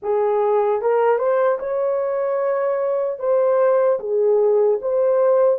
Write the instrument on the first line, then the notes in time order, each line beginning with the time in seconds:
horn
0.02 G#4
0.81 A#4
1.18 C5
1.59 C#5
3.19 C5
3.99 G#4
4.81 C5